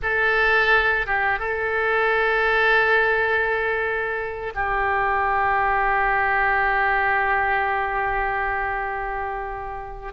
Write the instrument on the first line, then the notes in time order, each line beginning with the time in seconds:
oboe
0.02 A4
1.06 G4
1.39 A4
4.54 G4